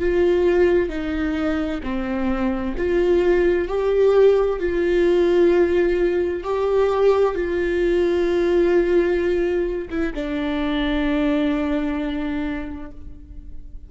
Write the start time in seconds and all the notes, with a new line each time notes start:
0.00 F4
0.89 D#4
1.83 C4
2.78 F4
3.68 G4
4.60 F4
6.44 G4
7.35 F4
9.91 E4
10.15 D4